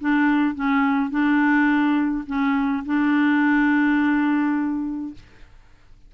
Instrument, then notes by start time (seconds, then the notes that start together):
clarinet
0.00 D4
0.55 C#4
1.10 D4
2.27 C#4
2.85 D4